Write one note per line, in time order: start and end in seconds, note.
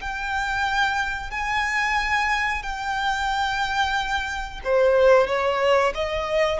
0.00 1.30 G5
1.30 2.62 G#5
2.62 4.60 G5
4.64 5.27 C5
5.27 5.93 C#5
5.94 6.59 D#5